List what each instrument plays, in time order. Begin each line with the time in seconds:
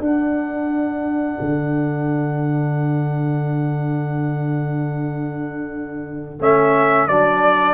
0.00 tuba D4, trombone D4, horn A4, trumpet F#5
1.40 tuba D3
6.39 tuba A3, trombone C#4, trumpet E5
7.07 tuba F#3, trombone D4, trumpet D5